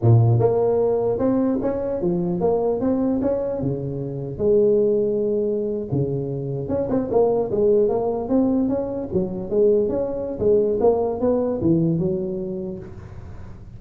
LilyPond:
\new Staff \with { instrumentName = "tuba" } { \time 4/4 \tempo 4 = 150 ais,4 ais2 c'4 | cis'4 f4 ais4 c'4 | cis'4 cis2 gis4~ | gis2~ gis8. cis4~ cis16~ |
cis8. cis'8 c'8 ais4 gis4 ais16~ | ais8. c'4 cis'4 fis4 gis16~ | gis8. cis'4~ cis'16 gis4 ais4 | b4 e4 fis2 | }